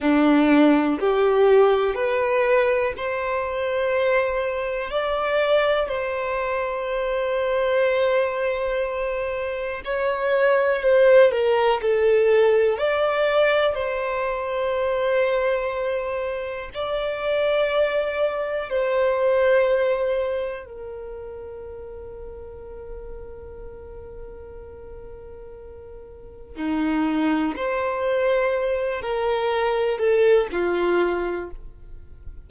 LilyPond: \new Staff \with { instrumentName = "violin" } { \time 4/4 \tempo 4 = 61 d'4 g'4 b'4 c''4~ | c''4 d''4 c''2~ | c''2 cis''4 c''8 ais'8 | a'4 d''4 c''2~ |
c''4 d''2 c''4~ | c''4 ais'2.~ | ais'2. dis'4 | c''4. ais'4 a'8 f'4 | }